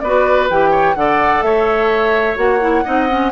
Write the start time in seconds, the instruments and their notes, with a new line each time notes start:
0.00 bassoon B3, clarinet F#4, oboe B4, flute D5
0.50 bassoon E3, clarinet G4, flute G5
0.71 oboe C#5
0.95 bassoon D3, clarinet A4, oboe D5, flute F#5
1.42 bassoon A3, oboe C#5, flute E5
2.36 bassoon A#3, clarinet F#4, flute F#5
2.60 clarinet E4
2.85 bassoon C4, clarinet D#4, oboe D#5
3.09 clarinet C#4